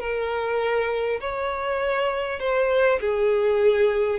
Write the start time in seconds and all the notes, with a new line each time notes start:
0.00 A#4
1.20 C#5
2.39 C5
3.00 G#4